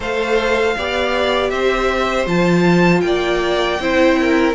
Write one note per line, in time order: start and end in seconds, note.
0.00 0.75 A3
0.00 0.77 A4
0.00 0.76 C5
0.00 1.49 F5
0.77 1.51 B3
0.77 2.26 G4
0.77 1.51 D5
1.49 2.26 C4
1.49 3.03 C5
1.49 2.25 E5
2.26 3.02 F3
2.26 3.78 F4
2.26 3.00 A5
3.00 3.79 A#3
3.00 3.81 D5
3.00 4.52 G5
3.79 4.54 C4
3.79 4.54 E4
3.79 4.19 C5
4.20 4.54 A#4